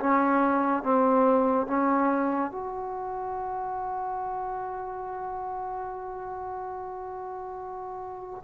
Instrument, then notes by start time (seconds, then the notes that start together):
trombone
0.00 C#4
0.83 C4
1.67 C#4
2.52 F#4